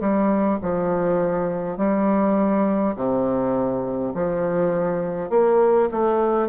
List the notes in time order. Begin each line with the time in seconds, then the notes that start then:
0.00 G3
0.61 F3
1.77 G3
2.96 C3
4.14 F3
5.30 A#3
5.91 A3